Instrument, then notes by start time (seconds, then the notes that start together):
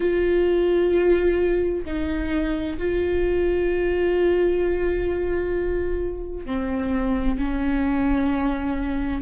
viola
0.00 F4
1.85 D#4
2.78 F4
6.45 C4
7.38 C#4